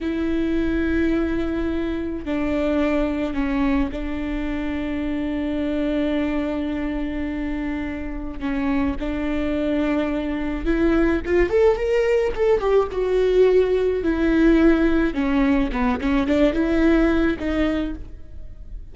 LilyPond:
\new Staff \with { instrumentName = "viola" } { \time 4/4 \tempo 4 = 107 e'1 | d'2 cis'4 d'4~ | d'1~ | d'2. cis'4 |
d'2. e'4 | f'8 a'8 ais'4 a'8 g'8 fis'4~ | fis'4 e'2 cis'4 | b8 cis'8 d'8 e'4. dis'4 | }